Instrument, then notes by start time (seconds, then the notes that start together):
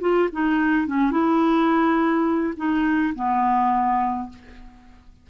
clarinet
0.00 F4
0.32 D#4
0.87 C#4
1.11 E4
2.56 D#4
3.15 B3